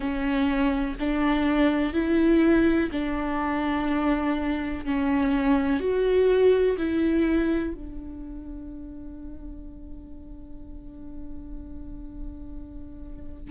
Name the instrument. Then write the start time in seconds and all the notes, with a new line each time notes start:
viola
0.00 C#4
0.99 D4
1.93 E4
2.91 D4
4.85 C#4
5.79 F#4
6.77 E4
7.74 D4